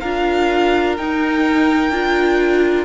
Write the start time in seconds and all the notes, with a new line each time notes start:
0.00 D4 F4 A#4 F5
0.97 D#4 G5
1.90 D4 F4